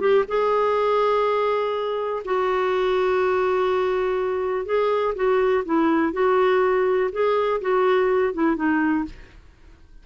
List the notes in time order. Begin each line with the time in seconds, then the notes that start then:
0.00 G4
0.27 G#4
2.25 F#4
4.65 G#4
5.15 F#4
5.65 E4
6.13 F#4
7.12 G#4
7.61 F#4
8.33 E4
8.56 D#4